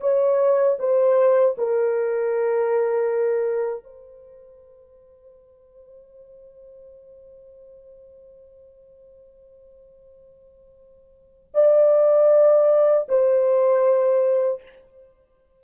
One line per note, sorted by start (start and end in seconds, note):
0.00 0.77 C#5
0.78 1.55 C5
1.58 3.83 A#4
3.83 11.52 C5
11.54 13.08 D5
13.08 14.62 C5